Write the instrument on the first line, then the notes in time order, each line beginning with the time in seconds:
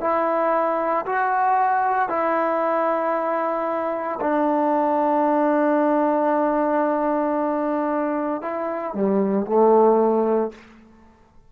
trombone
0.00 E4
1.06 F#4
2.09 E4
4.21 D4
8.42 E4
8.94 G3
9.46 A3